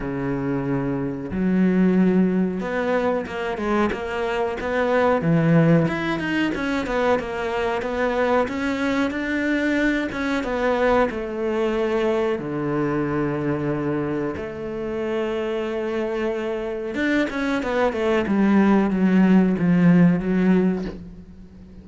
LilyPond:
\new Staff \with { instrumentName = "cello" } { \time 4/4 \tempo 4 = 92 cis2 fis2 | b4 ais8 gis8 ais4 b4 | e4 e'8 dis'8 cis'8 b8 ais4 | b4 cis'4 d'4. cis'8 |
b4 a2 d4~ | d2 a2~ | a2 d'8 cis'8 b8 a8 | g4 fis4 f4 fis4 | }